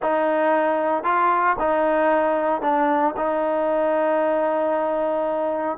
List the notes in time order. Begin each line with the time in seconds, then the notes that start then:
0.02 D#4
1.03 F4
1.59 D#4
2.61 D4
3.16 D#4